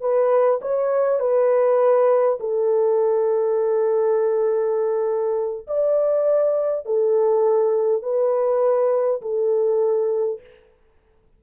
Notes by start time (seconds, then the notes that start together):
0.00 B4
0.61 C#5
1.19 B4
2.40 A4
5.67 D5
6.85 A4
8.02 B4
9.21 A4